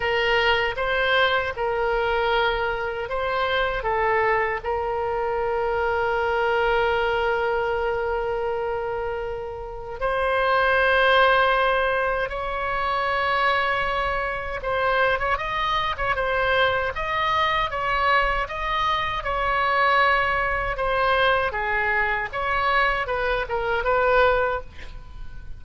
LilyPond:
\new Staff \with { instrumentName = "oboe" } { \time 4/4 \tempo 4 = 78 ais'4 c''4 ais'2 | c''4 a'4 ais'2~ | ais'1~ | ais'4 c''2. |
cis''2. c''8. cis''16 | dis''8. cis''16 c''4 dis''4 cis''4 | dis''4 cis''2 c''4 | gis'4 cis''4 b'8 ais'8 b'4 | }